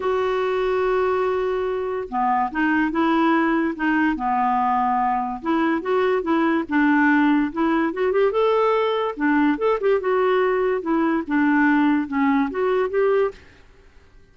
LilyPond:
\new Staff \with { instrumentName = "clarinet" } { \time 4/4 \tempo 4 = 144 fis'1~ | fis'4 b4 dis'4 e'4~ | e'4 dis'4 b2~ | b4 e'4 fis'4 e'4 |
d'2 e'4 fis'8 g'8 | a'2 d'4 a'8 g'8 | fis'2 e'4 d'4~ | d'4 cis'4 fis'4 g'4 | }